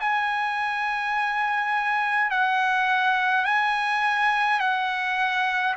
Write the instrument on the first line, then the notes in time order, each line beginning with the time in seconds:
trumpet
0.00 G#5
2.30 F#5
3.45 G#5
4.59 F#5